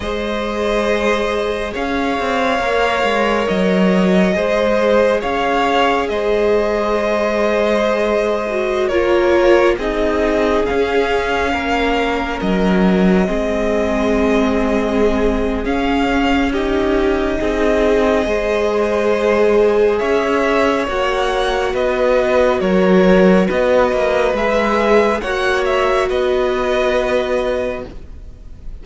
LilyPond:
<<
  \new Staff \with { instrumentName = "violin" } { \time 4/4 \tempo 4 = 69 dis''2 f''2 | dis''2 f''4 dis''4~ | dis''2~ dis''16 cis''4 dis''8.~ | dis''16 f''2 dis''4.~ dis''16~ |
dis''2 f''4 dis''4~ | dis''2. e''4 | fis''4 dis''4 cis''4 dis''4 | e''4 fis''8 e''8 dis''2 | }
  \new Staff \with { instrumentName = "violin" } { \time 4/4 c''2 cis''2~ | cis''4 c''4 cis''4 c''4~ | c''2~ c''16 ais'4 gis'8.~ | gis'4~ gis'16 ais'2 gis'8.~ |
gis'2. g'4 | gis'4 c''2 cis''4~ | cis''4 b'4 ais'4 b'4~ | b'4 cis''4 b'2 | }
  \new Staff \with { instrumentName = "viola" } { \time 4/4 gis'2. ais'4~ | ais'4 gis'2.~ | gis'4.~ gis'16 fis'8 f'4 dis'8.~ | dis'16 cis'2. c'8.~ |
c'2 cis'4 dis'4~ | dis'4 gis'2. | fis'1 | gis'4 fis'2. | }
  \new Staff \with { instrumentName = "cello" } { \time 4/4 gis2 cis'8 c'8 ais8 gis8 | fis4 gis4 cis'4 gis4~ | gis2~ gis16 ais4 c'8.~ | c'16 cis'4 ais4 fis4 gis8.~ |
gis2 cis'2 | c'4 gis2 cis'4 | ais4 b4 fis4 b8 ais8 | gis4 ais4 b2 | }
>>